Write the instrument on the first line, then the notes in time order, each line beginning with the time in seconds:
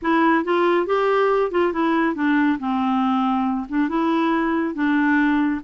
clarinet
0.02 E4
0.44 F4
0.86 G4
1.51 F4
1.72 E4
2.15 D4
2.59 C4
3.68 D4
3.88 E4
4.74 D4